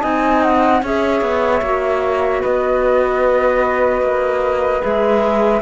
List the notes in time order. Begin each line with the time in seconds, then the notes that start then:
0.00 C4 D#4 D#5 G#5
0.43 F#5
0.82 C#4 G#4 C#5 E5
1.21 B3
1.61 A#3 F#4
2.41 B3 B4 D#5
4.01 A#3
4.81 G#3 G#4 E5